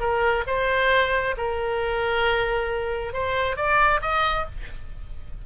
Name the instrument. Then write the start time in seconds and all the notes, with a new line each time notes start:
oboe
0.00 A#4
0.47 C5
1.37 A#4
3.13 C5
3.57 D5
4.02 D#5